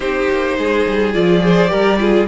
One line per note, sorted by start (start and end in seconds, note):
0.00 0.27 C4
0.00 1.13 D#4
0.00 0.57 G4
0.00 1.13 C5
0.29 0.58 A#3
0.58 0.86 G#3
0.58 1.43 G#4
0.86 1.14 G3
1.13 1.71 F3
1.13 1.40 F4
1.13 2.28 D5
1.40 1.68 G#4
1.40 1.70 C5
1.68 2.28 G3
1.68 1.96 G4
1.68 1.99 A#4
1.99 2.27 F4
1.99 2.28 G#4